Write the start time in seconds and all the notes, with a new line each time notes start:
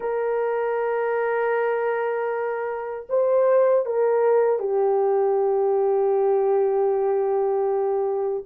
0.00 A#4
3.09 C5
3.85 A#4
4.59 G4